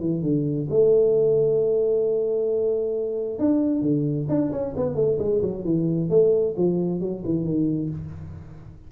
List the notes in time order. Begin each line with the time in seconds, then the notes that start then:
0.00 E3
0.22 D3
0.70 A3
3.39 D4
3.81 D3
4.29 D4
4.52 C#4
4.76 B3
4.95 A3
5.19 G#3
5.42 F#3
5.64 E3
6.10 A3
6.57 F3
7.00 F#3
7.25 E3
7.44 D#3